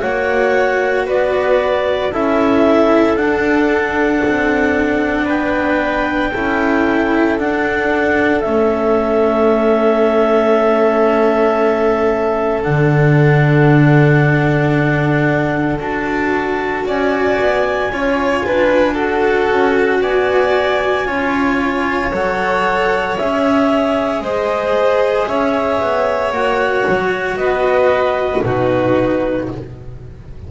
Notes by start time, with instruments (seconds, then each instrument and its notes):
0.00 double bass A#3, cello F#4, violin C#5, clarinet F#5
1.06 double bass B3, violin B4, clarinet D5
2.11 double bass C#4, cello E4, violin A4, clarinet E5
3.17 double bass D4, cello D4, clarinet F#5
4.25 double bass C4
5.25 double bass B3, violin B4, clarinet G5
6.32 double bass C#4, cello E4, violin A4
7.38 cello D4, double bass D4, clarinet F#5
8.40 double bass A3, cello C#4, clarinet E5
12.62 double bass D3, cello D4, clarinet F#5
15.79 double bass D4, cello F#4, clarinet A5
16.85 double bass C#4, violin D5, clarinet G#5
17.39 double bass B3
17.90 double bass C#4, cello F4, violin C#5
18.46 double bass D4, violin B4
18.94 cello F#4, violin A4, clarinet F#5
19.50 double bass C#4
20.01 double bass B3, violin D5, clarinet G#5
21.06 double bass C#4, cello F4, violin C#5
22.11 double bass F#3, cello A4, clarinet F#5
23.18 double bass C#4, cello G#4, clarinet E5
24.21 double bass G#3, violin C5, clarinet D#5
25.27 double bass C#4, violin C#5, clarinet E5
25.81 double bass B3
26.32 double bass A#3, cello F#4, clarinet F#5
26.89 double bass F#3
27.37 double bass B3, violin B4, clarinet D#5
28.43 double bass B2, cello D#4, violin F#4, clarinet B4